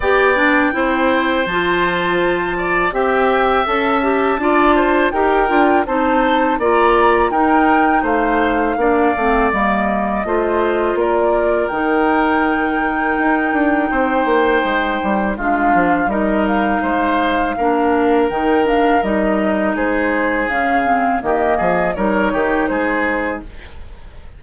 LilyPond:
<<
  \new Staff \with { instrumentName = "flute" } { \time 4/4 \tempo 4 = 82 g''2 a''2 | g''4 a''2 g''4 | a''4 ais''4 g''4 f''4~ | f''4 dis''2 d''4 |
g''1~ | g''4 f''4 dis''8 f''4.~ | f''4 g''8 f''8 dis''4 c''4 | f''4 dis''4 cis''4 c''4 | }
  \new Staff \with { instrumentName = "oboe" } { \time 4/4 d''4 c''2~ c''8 d''8 | e''2 d''8 c''8 ais'4 | c''4 d''4 ais'4 c''4 | d''2 c''4 ais'4~ |
ais'2. c''4~ | c''4 f'4 ais'4 c''4 | ais'2. gis'4~ | gis'4 g'8 gis'8 ais'8 g'8 gis'4 | }
  \new Staff \with { instrumentName = "clarinet" } { \time 4/4 g'8 d'8 e'4 f'2 | g'4 a'8 g'8 f'4 g'8 f'8 | dis'4 f'4 dis'2 | d'8 c'8 ais4 f'2 |
dis'1~ | dis'4 d'4 dis'2 | d'4 dis'8 d'8 dis'2 | cis'8 c'8 ais4 dis'2 | }
  \new Staff \with { instrumentName = "bassoon" } { \time 4/4 b4 c'4 f2 | c'4 cis'4 d'4 dis'8 d'8 | c'4 ais4 dis'4 a4 | ais8 a8 g4 a4 ais4 |
dis2 dis'8 d'8 c'8 ais8 | gis8 g8 gis8 f8 g4 gis4 | ais4 dis4 g4 gis4 | cis4 dis8 f8 g8 dis8 gis4 | }
>>